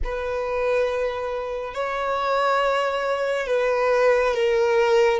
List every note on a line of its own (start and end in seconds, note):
0.04 1.74 B4
1.74 3.47 C#5
3.47 4.34 B4
4.34 5.19 A#4